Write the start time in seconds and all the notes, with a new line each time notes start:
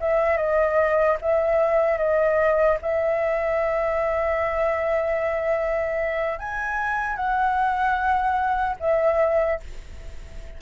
0.00 E5
0.37 D#5
1.21 E5
1.97 D#5
2.82 E5
6.39 G#5
7.16 F#5
8.80 E5